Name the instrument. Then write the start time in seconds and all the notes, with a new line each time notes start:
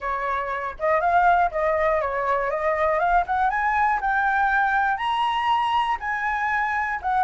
flute
0.00 C#5
0.79 D#5
1.00 F5
1.51 D#5
2.01 C#5
2.50 D#5
2.99 F5
3.26 F#5
3.50 G#5
4.00 G5
4.97 A#5
6.00 G#5
7.02 F#5